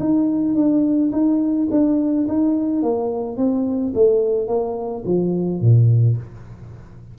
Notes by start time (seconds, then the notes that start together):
0.00 D#4
0.55 D4
1.12 D#4
1.71 D4
2.28 D#4
2.82 A#3
3.37 C4
3.95 A3
4.48 A#3
5.05 F3
5.61 A#2